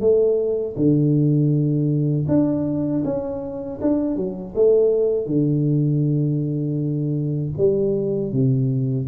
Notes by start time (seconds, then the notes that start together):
0.00 A3
0.76 D3
2.28 D4
3.04 C#4
3.81 D4
4.16 F#3
4.55 A3
5.26 D3
7.57 G3
8.32 C3